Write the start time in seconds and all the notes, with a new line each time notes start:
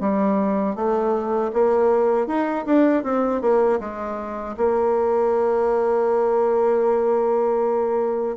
0.00 G3
0.75 A3
1.53 A#3
2.27 D#4
2.66 D4
3.03 C4
3.41 A#3
3.80 G#3
4.57 A#3